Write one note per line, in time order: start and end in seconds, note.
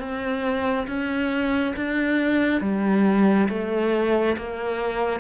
0.00 0.87 C4
0.88 1.75 C#4
1.77 2.61 D4
2.61 3.48 G3
3.49 4.36 A3
4.38 5.21 A#3